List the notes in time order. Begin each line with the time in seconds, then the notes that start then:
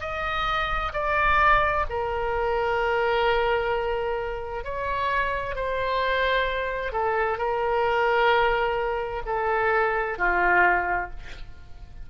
0.00 D#5
0.93 D5
1.90 A#4
4.64 C#5
5.56 C5
6.92 A4
7.38 A#4
9.26 A4
10.18 F4